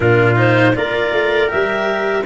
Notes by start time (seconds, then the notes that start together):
0.00 A#2 D4 F4 A#4
0.35 D#4 C5
0.75 A#3 F4 A#4 D5
1.12 A3
1.47 G3 G4 E5